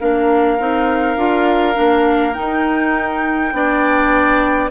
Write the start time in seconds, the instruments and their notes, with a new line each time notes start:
0.00 bassoon A#3, clarinet D4, oboe A#4, flute F5
0.59 bassoon C4, clarinet D#4
1.17 bassoon D4, clarinet F4
1.74 bassoon A#3, clarinet D4
2.34 clarinet D#4, flute G5
2.40 bassoon D#4
3.53 bassoon B3, clarinet D4, oboe D5